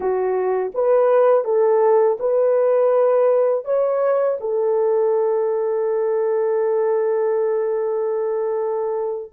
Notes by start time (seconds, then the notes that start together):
0.00 F#4
0.74 B4
1.44 A4
2.19 B4
3.65 C#5
4.40 A4